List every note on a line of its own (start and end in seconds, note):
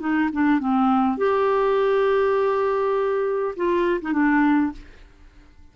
0.00 0.30 D#4
0.33 0.60 D4
0.60 1.18 C4
1.18 3.55 G4
3.56 4.01 F4
4.02 4.13 D#4
4.13 4.73 D4